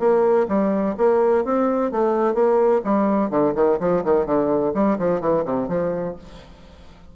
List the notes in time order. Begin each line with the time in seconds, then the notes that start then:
0.00 A#3
0.49 G3
0.98 A#3
1.45 C4
1.92 A3
2.35 A#3
2.85 G3
3.30 D3
3.55 D#3
3.80 F3
4.05 D#3
4.26 D3
4.75 G3
4.99 F3
5.21 E3
5.46 C3
5.69 F3